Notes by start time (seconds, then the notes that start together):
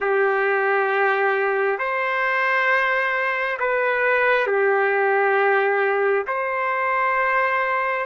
0.00 G4
1.78 C5
3.59 B4
4.47 G4
6.27 C5